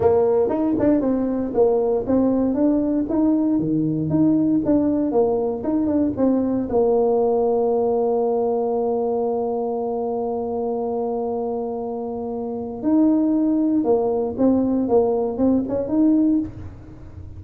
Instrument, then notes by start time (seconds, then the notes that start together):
tuba
0.00 A#3
0.49 D#4
0.79 D4
1.00 C4
1.53 A#3
2.06 C4
2.54 D4
3.09 D#4
3.59 D#3
4.09 D#4
4.65 D4
5.11 A#3
5.63 D#4
5.86 D4
6.17 C4
6.69 A#3
12.82 D#4
13.83 A#3
14.37 C4
14.88 A#3
15.37 C4
15.68 C#4
15.88 D#4